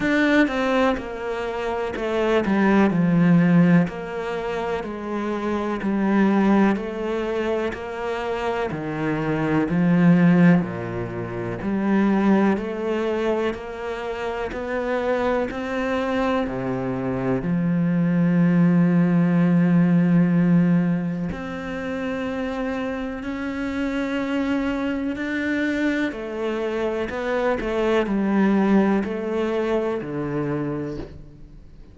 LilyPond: \new Staff \with { instrumentName = "cello" } { \time 4/4 \tempo 4 = 62 d'8 c'8 ais4 a8 g8 f4 | ais4 gis4 g4 a4 | ais4 dis4 f4 ais,4 | g4 a4 ais4 b4 |
c'4 c4 f2~ | f2 c'2 | cis'2 d'4 a4 | b8 a8 g4 a4 d4 | }